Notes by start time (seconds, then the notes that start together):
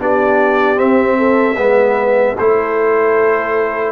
0.00 B3 D4 G4 D5
0.76 C4 E5
1.18 A4
1.57 G#3 B3 B4
2.38 A3 E4 A4 C5